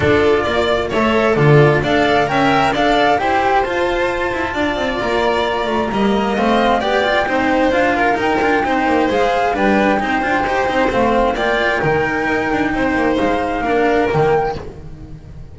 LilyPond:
<<
  \new Staff \with { instrumentName = "flute" } { \time 4/4 \tempo 4 = 132 d''2 e''4 d''4 | f''4 g''4 f''4 g''4 | a''2. ais''4~ | ais''2 f''4 g''4~ |
g''4 f''4 g''2 | f''4 g''2. | f''4 g''2.~ | g''4 f''2 g''4 | }
  \new Staff \with { instrumentName = "violin" } { \time 4/4 a'4 d''4 cis''4 a'4 | d''4 e''4 d''4 c''4~ | c''2 d''2~ | d''4 dis''2 d''4 |
c''4. ais'4. c''4~ | c''4 b'4 c''2~ | c''4 d''4 ais'2 | c''2 ais'2 | }
  \new Staff \with { instrumentName = "cello" } { \time 4/4 f'2 a'4 f'4 | a'4 ais'4 a'4 g'4 | f'1~ | f'4 ais4 c'4 g'8 f'8 |
dis'4 f'4 dis'8 f'8 dis'4 | gis'4 d'4 dis'8 f'8 g'8 dis'8 | c'4 f'4 dis'2~ | dis'2 d'4 ais4 | }
  \new Staff \with { instrumentName = "double bass" } { \time 4/4 d'4 ais4 a4 d4 | d'4 cis'4 d'4 e'4 | f'4. e'8 d'8 c'8 ais4~ | ais8 a8 g4 a4 b4 |
c'4 d'4 dis'8 d'8 c'8 ais8 | gis4 g4 c'8 d'8 dis'8 c'8 | a4 ais4 dis4 dis'8 d'8 | c'8 ais8 gis4 ais4 dis4 | }
>>